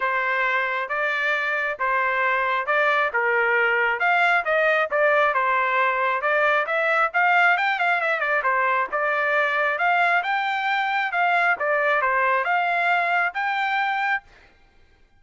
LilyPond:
\new Staff \with { instrumentName = "trumpet" } { \time 4/4 \tempo 4 = 135 c''2 d''2 | c''2 d''4 ais'4~ | ais'4 f''4 dis''4 d''4 | c''2 d''4 e''4 |
f''4 g''8 f''8 e''8 d''8 c''4 | d''2 f''4 g''4~ | g''4 f''4 d''4 c''4 | f''2 g''2 | }